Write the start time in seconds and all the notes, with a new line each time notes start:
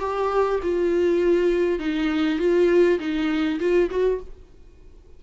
0.00 G4
0.63 F4
1.79 D#4
2.39 F4
3.00 D#4
3.60 F4
3.91 F#4